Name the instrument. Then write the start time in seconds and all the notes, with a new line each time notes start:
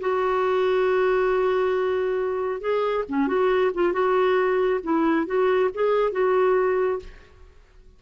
clarinet
0.00 F#4
2.60 G#4
3.08 C#4
3.27 F#4
3.74 F4
3.93 F#4
4.83 E4
5.26 F#4
5.74 G#4
6.12 F#4